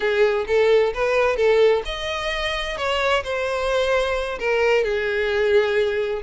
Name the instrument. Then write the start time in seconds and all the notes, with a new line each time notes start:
violin
0.00 G#4
0.47 A4
0.94 B4
1.36 A4
1.85 D#5
2.77 C#5
3.23 C5
4.39 A#4
4.83 G#4